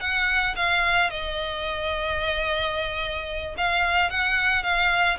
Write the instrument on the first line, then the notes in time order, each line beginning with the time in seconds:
violin
0.00 F#5
0.56 F5
1.10 D#5
3.57 F5
4.10 F#5
4.63 F5